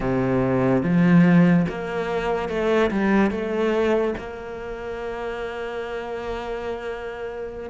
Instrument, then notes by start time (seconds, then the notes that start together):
cello
0.00 C3
0.82 F3
1.69 A#3
2.48 A3
2.90 G3
3.31 A3
4.17 A#3